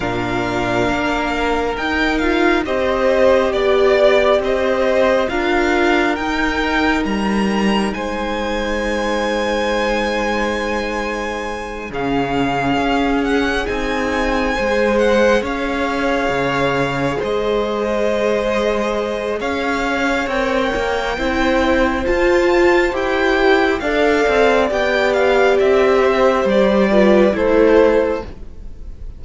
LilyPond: <<
  \new Staff \with { instrumentName = "violin" } { \time 4/4 \tempo 4 = 68 f''2 g''8 f''8 dis''4 | d''4 dis''4 f''4 g''4 | ais''4 gis''2.~ | gis''4. f''4. fis''8 gis''8~ |
gis''4 fis''8 f''2 dis''8~ | dis''2 f''4 g''4~ | g''4 a''4 g''4 f''4 | g''8 f''8 e''4 d''4 c''4 | }
  \new Staff \with { instrumentName = "violin" } { \time 4/4 ais'2. c''4 | d''4 c''4 ais'2~ | ais'4 c''2.~ | c''4. gis'2~ gis'8~ |
gis'8 c''4 cis''2 c''8~ | c''2 cis''2 | c''2. d''4~ | d''4. c''4 b'8 a'4 | }
  \new Staff \with { instrumentName = "viola" } { \time 4/4 d'2 dis'8 f'8 g'4~ | g'2 f'4 dis'4~ | dis'1~ | dis'4. cis'2 dis'8~ |
dis'8 gis'2.~ gis'8~ | gis'2. ais'4 | e'4 f'4 g'4 a'4 | g'2~ g'8 f'8 e'4 | }
  \new Staff \with { instrumentName = "cello" } { \time 4/4 ais,4 ais4 dis'4 c'4 | b4 c'4 d'4 dis'4 | g4 gis2.~ | gis4. cis4 cis'4 c'8~ |
c'8 gis4 cis'4 cis4 gis8~ | gis2 cis'4 c'8 ais8 | c'4 f'4 e'4 d'8 c'8 | b4 c'4 g4 a4 | }
>>